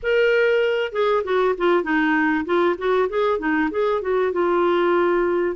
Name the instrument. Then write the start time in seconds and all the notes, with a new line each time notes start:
clarinet
0.02 A#4
0.92 G#4
1.24 F#4
1.57 F4
1.83 D#4
2.45 F4
2.78 F#4
3.09 G#4
3.39 D#4
3.71 G#4
4.01 F#4
4.32 F4